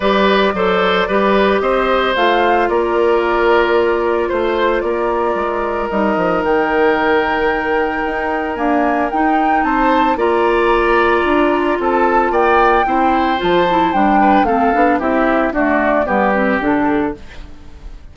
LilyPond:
<<
  \new Staff \with { instrumentName = "flute" } { \time 4/4 \tempo 4 = 112 d''2. dis''4 | f''4 d''2. | c''4 d''2 dis''4 | g''1 |
gis''4 g''4 a''4 ais''4~ | ais''2 a''4 g''4~ | g''4 a''4 g''4 f''4 | e''4 d''4 b'4 a'4 | }
  \new Staff \with { instrumentName = "oboe" } { \time 4/4 b'4 c''4 b'4 c''4~ | c''4 ais'2. | c''4 ais'2.~ | ais'1~ |
ais'2 c''4 d''4~ | d''2 a'4 d''4 | c''2~ c''8 b'8 a'4 | g'4 fis'4 g'2 | }
  \new Staff \with { instrumentName = "clarinet" } { \time 4/4 g'4 a'4 g'2 | f'1~ | f'2. dis'4~ | dis'1 |
ais4 dis'2 f'4~ | f'1 | e'4 f'8 e'8 d'4 c'8 d'8 | e'4 a4 b8 c'8 d'4 | }
  \new Staff \with { instrumentName = "bassoon" } { \time 4/4 g4 fis4 g4 c'4 | a4 ais2. | a4 ais4 gis4 g8 f8 | dis2. dis'4 |
d'4 dis'4 c'4 ais4~ | ais4 d'4 c'4 ais4 | c'4 f4 g4 a8 b8 | c'4 d'4 g4 d4 | }
>>